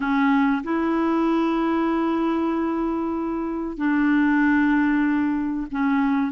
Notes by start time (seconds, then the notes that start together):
0.00 C#4
0.63 E4
3.77 D4
5.71 C#4